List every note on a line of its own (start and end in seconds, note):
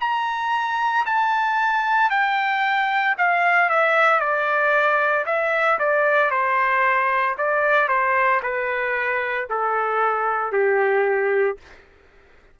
0.00 1.05 A#5
1.06 2.10 A5
2.10 3.15 G5
3.18 3.69 F5
3.69 4.20 E5
4.20 5.25 D5
5.26 5.78 E5
5.79 6.31 D5
6.31 7.36 C5
7.38 7.88 D5
7.88 8.41 C5
8.43 9.48 B4
9.50 10.52 A4
10.52 11.57 G4